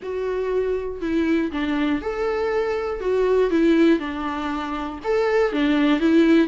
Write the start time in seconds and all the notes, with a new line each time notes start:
0.02 F#4
1.01 E4
1.51 D4
2.01 A4
3.00 F#4
3.50 E4
3.99 D4
5.04 A4
5.52 D4
6.00 E4